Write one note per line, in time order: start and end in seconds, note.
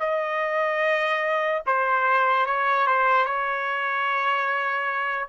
0.00 1.62 D#5
1.67 2.46 C5
2.46 2.87 C#5
2.87 3.25 C5
3.25 5.28 C#5